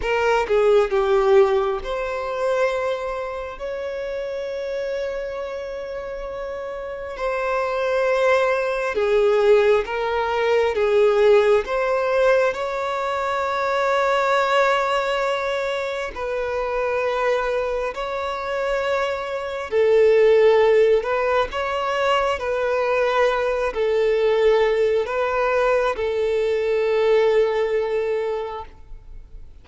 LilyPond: \new Staff \with { instrumentName = "violin" } { \time 4/4 \tempo 4 = 67 ais'8 gis'8 g'4 c''2 | cis''1 | c''2 gis'4 ais'4 | gis'4 c''4 cis''2~ |
cis''2 b'2 | cis''2 a'4. b'8 | cis''4 b'4. a'4. | b'4 a'2. | }